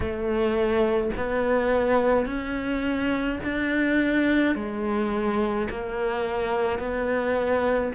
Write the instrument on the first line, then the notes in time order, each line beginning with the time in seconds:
cello
0.00 A3
1.16 B3
2.25 C#4
3.43 D4
4.55 G#3
5.70 A#3
6.79 B3